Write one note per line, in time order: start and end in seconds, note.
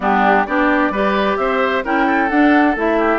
0.00 0.45 G3
0.00 0.46 B3
0.00 0.46 D4
0.00 0.46 G4
0.46 0.90 B3
0.46 0.93 D4
0.46 0.92 G4
0.46 1.37 D5
0.90 1.36 G3
0.90 1.84 G4
0.90 1.37 B4
1.37 1.84 C4
1.37 1.84 C5
1.37 1.82 E5
1.84 2.30 C#4
1.84 2.30 E4
1.84 2.06 A#4
1.84 2.29 G5
2.06 2.98 A4
2.29 2.75 D4
2.29 2.76 D4
2.29 2.75 F#5
2.75 3.18 A3
2.75 3.18 E4
2.75 3.18 E5
2.98 3.18 G4